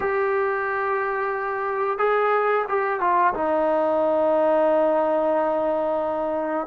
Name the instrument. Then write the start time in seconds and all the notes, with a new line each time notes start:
trombone
0.00 G4
1.98 G#4
2.68 G4
3.00 F4
3.33 D#4